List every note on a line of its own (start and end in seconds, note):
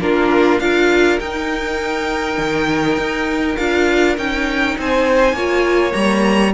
0.00 0.59 A#3
0.00 0.60 D4
0.00 0.62 F4
0.00 0.60 A#4
0.59 1.19 D4
0.59 1.19 F4
0.59 4.79 A#4
0.59 1.19 F5
1.19 3.57 D#4
1.19 2.38 D#4
1.19 3.57 G5
2.38 2.97 D#3
2.97 3.57 D#4
3.57 4.17 D4
3.57 4.17 F4
3.57 4.16 F5
4.17 4.77 C#4
4.17 5.35 D#4
4.17 4.77 G5
4.78 5.32 C4
4.78 5.35 C5
4.78 5.93 G#5
5.32 5.92 A#3
5.32 5.91 F4
5.32 6.54 C#5
5.91 6.54 G3
5.91 6.51 A#3
5.91 6.52 A#5